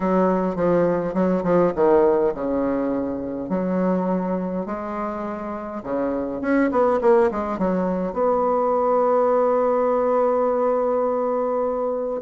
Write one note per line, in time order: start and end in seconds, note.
0.00 0.55 F#3
0.55 1.14 F3
1.14 1.43 F#3
1.43 1.72 F3
1.75 2.33 D#3
2.34 3.49 C#3
3.49 4.65 F#3
4.65 5.82 G#3
5.83 6.41 C#3
6.41 6.70 C#4
6.71 7.00 B3
7.01 7.30 A#3
7.31 7.58 G#3
7.58 8.13 F#3
8.13 12.21 B3